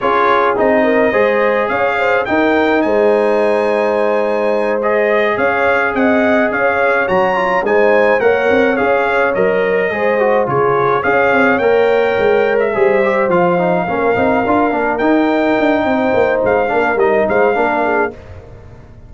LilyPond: <<
  \new Staff \with { instrumentName = "trumpet" } { \time 4/4 \tempo 4 = 106 cis''4 dis''2 f''4 | g''4 gis''2.~ | gis''8 dis''4 f''4 fis''4 f''8~ | f''8 ais''4 gis''4 fis''4 f''8~ |
f''8 dis''2 cis''4 f''8~ | f''8 g''4.~ g''16 e''4~ e''16 f''8~ | f''2~ f''8 g''4.~ | g''4 f''4 dis''8 f''4. | }
  \new Staff \with { instrumentName = "horn" } { \time 4/4 gis'4. ais'8 c''4 cis''8 c''8 | ais'4 c''2.~ | c''4. cis''4 dis''4 cis''8~ | cis''4. c''4 cis''4.~ |
cis''4. c''4 gis'4 cis''8~ | cis''2~ cis''8 c''4.~ | c''8 ais'2.~ ais'8 | c''4. ais'4 c''8 ais'8 gis'8 | }
  \new Staff \with { instrumentName = "trombone" } { \time 4/4 f'4 dis'4 gis'2 | dis'1~ | dis'8 gis'2.~ gis'8~ | gis'8 fis'8 f'8 dis'4 ais'4 gis'8~ |
gis'8 ais'4 gis'8 fis'8 f'4 gis'8~ | gis'8 ais'2 gis'8 g'8 f'8 | dis'8 cis'8 dis'8 f'8 d'8 dis'4.~ | dis'4. d'8 dis'4 d'4 | }
  \new Staff \with { instrumentName = "tuba" } { \time 4/4 cis'4 c'4 gis4 cis'4 | dis'4 gis2.~ | gis4. cis'4 c'4 cis'8~ | cis'8 fis4 gis4 ais8 c'8 cis'8~ |
cis'8 fis4 gis4 cis4 cis'8 | c'8 ais4 gis4 g4 f8~ | f8 ais8 c'8 d'8 ais8 dis'4 d'8 | c'8 ais8 gis8 ais8 g8 gis8 ais4 | }
>>